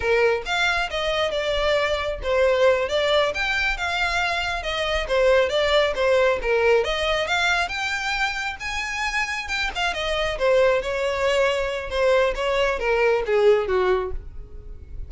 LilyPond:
\new Staff \with { instrumentName = "violin" } { \time 4/4 \tempo 4 = 136 ais'4 f''4 dis''4 d''4~ | d''4 c''4. d''4 g''8~ | g''8 f''2 dis''4 c''8~ | c''8 d''4 c''4 ais'4 dis''8~ |
dis''8 f''4 g''2 gis''8~ | gis''4. g''8 f''8 dis''4 c''8~ | c''8 cis''2~ cis''8 c''4 | cis''4 ais'4 gis'4 fis'4 | }